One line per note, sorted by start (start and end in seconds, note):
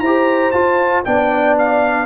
0.00 0.53 E4
0.00 0.53 G4
0.00 1.04 C5
0.00 0.51 A#5
0.51 1.05 F4
0.51 1.03 A5
1.05 2.06 B3
1.05 2.06 D4
1.05 2.06 D5
1.05 1.56 G5
1.58 2.06 F5